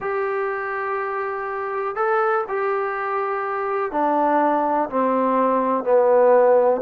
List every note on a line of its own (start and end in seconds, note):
0.00 1.95 G4
1.95 2.44 A4
2.48 3.91 G4
3.91 4.89 D4
4.89 5.83 C4
5.83 6.81 B3